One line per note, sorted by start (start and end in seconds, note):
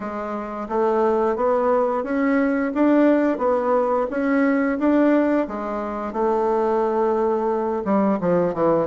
0.00 0.68 G#3
0.68 1.36 A3
1.36 2.03 B3
2.03 2.71 C#4
2.74 3.38 D4
3.38 4.06 B3
4.10 4.78 C#4
4.79 5.47 D4
5.47 6.12 G#3
6.12 7.83 A3
7.84 8.18 G3
8.20 8.54 F3
8.54 8.87 E3